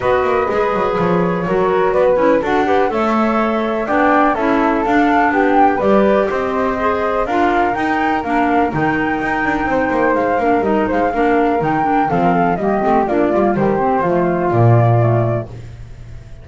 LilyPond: <<
  \new Staff \with { instrumentName = "flute" } { \time 4/4 \tempo 4 = 124 dis''2 cis''2 | d''16 b'8. fis''4 e''2 | g''4 e''4 f''4 g''4 | d''4 dis''2 f''4 |
g''4 f''4 g''2~ | g''4 f''4 dis''8 f''4. | g''4 f''4 dis''4 d''4 | c''2 d''2 | }
  \new Staff \with { instrumentName = "flute" } { \time 4/4 b'2. ais'4 | b'4 a'8 b'8 cis''2 | d''4 a'2 g'4 | b'4 c''2 ais'4~ |
ais'1 | c''4. ais'4 c''8 ais'4~ | ais'4 a'16 ais'16 a'8 g'4 f'4 | g'4 f'2. | }
  \new Staff \with { instrumentName = "clarinet" } { \time 4/4 fis'4 gis'2 fis'4~ | fis'8 e'8 fis'8 g'8 a'2 | d'4 e'4 d'2 | g'2 gis'4 f'4 |
dis'4 d'4 dis'2~ | dis'4. d'8 dis'4 d'4 | dis'8 d'8 c'4 ais8 c'8 d'8 ais8 | g8 c'8 a4 ais4 a4 | }
  \new Staff \with { instrumentName = "double bass" } { \time 4/4 b8 ais8 gis8 fis8 f4 fis4 | b8 cis'8 d'4 a2 | b4 cis'4 d'4 b4 | g4 c'2 d'4 |
dis'4 ais4 dis4 dis'8 d'8 | c'8 ais8 gis8 ais8 g8 gis8 ais4 | dis4 f4 g8 a8 ais8 g8 | dis4 f4 ais,2 | }
>>